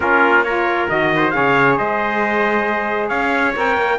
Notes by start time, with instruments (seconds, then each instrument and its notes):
0.00 cello A#3, saxophone C#4, trumpet F4 A#4
0.43 saxophone F4, trumpet A#4 C#5
0.88 cello D#3, saxophone F#4, trumpet D#5
1.15 trumpet C5
1.30 cello C#3, saxophone G#4, trumpet C#5 F5
1.77 cello G#3, trumpet C5 D#5
3.08 cello C#4, trumpet C#5 F5
3.55 cello C4, saxophone A#4, trumpet G5
3.76 cello A#3